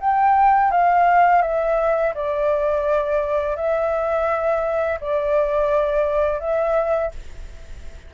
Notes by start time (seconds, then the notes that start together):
0.00 G5
0.71 F5
1.42 E5
2.15 D5
3.56 E5
5.00 D5
6.40 E5